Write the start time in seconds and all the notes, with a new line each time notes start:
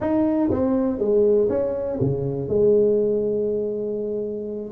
0.00 D#4
0.50 C4
0.98 G#3
1.49 C#4
2.00 C#3
2.48 G#3